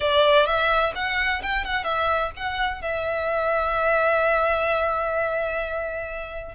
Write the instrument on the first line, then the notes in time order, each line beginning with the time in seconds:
violin
0.00 D5
0.46 E5
0.95 F#5
1.42 G5
1.64 F#5
1.84 E5
2.36 F#5
2.81 E5